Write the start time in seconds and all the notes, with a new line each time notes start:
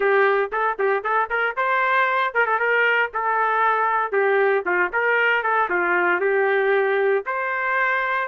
0.00 G4
0.52 A4
0.78 G4
1.03 A4
1.30 A#4
1.56 C5
2.33 A#4
2.46 A4
2.59 A#4
3.13 A4
4.12 G4
4.65 F4
4.92 A#4
5.43 A4
5.69 F4
6.20 G4
7.25 C5